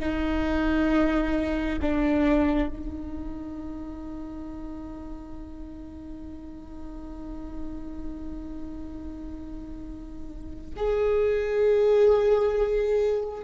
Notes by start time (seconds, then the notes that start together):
0.00 D#4
1.82 D4
2.69 D#4
10.77 G#4